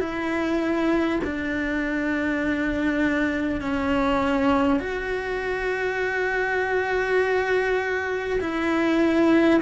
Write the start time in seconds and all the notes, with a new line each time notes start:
0.00 E4
1.24 D4
3.61 C#4
4.80 F#4
8.41 E4